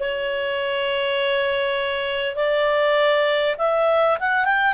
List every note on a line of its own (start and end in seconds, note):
0.00 2.36 C#5
2.36 3.56 D5
3.58 4.18 E5
4.20 4.45 F#5
4.45 4.74 G5